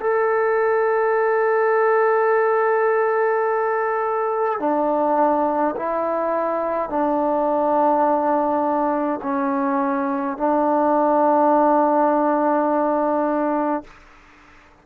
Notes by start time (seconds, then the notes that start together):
0.00 A4
4.59 D4
5.76 E4
6.89 D4
9.23 C#4
10.37 D4